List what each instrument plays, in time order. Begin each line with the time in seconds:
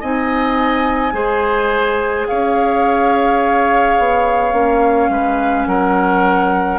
0.00 bassoon C4, clarinet D#4, oboe D#5, flute G#5
1.12 bassoon G#3, clarinet G#4, oboe C5
2.27 bassoon C#4, oboe C#5, flute F5
3.98 bassoon B3
4.53 bassoon A#3, clarinet C#4
5.09 bassoon G#3, oboe B4
5.66 bassoon F#3, oboe A#4, flute F#5